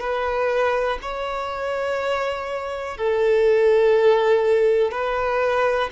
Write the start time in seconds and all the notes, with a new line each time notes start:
0.00 B4
1.01 C#5
2.97 A4
4.91 B4